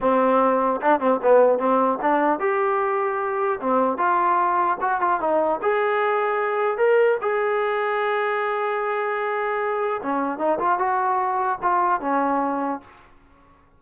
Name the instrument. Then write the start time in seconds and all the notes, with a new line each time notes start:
trombone
0.00 C4
0.81 D4
1.00 C4
1.22 B3
1.58 C4
2.01 D4
2.39 G4
3.60 C4
3.97 F4
4.81 F#4
5.01 F4
5.20 D#4
5.62 G#4
6.77 A#4
7.21 G#4
10.02 C#4
10.38 D#4
10.58 F4
10.78 F#4
11.62 F4
12.00 C#4